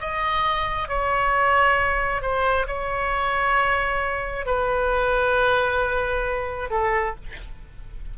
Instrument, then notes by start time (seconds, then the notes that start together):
oboe
0.00 D#5
0.88 C#5
2.21 C5
2.67 C#5
4.46 B4
6.70 A4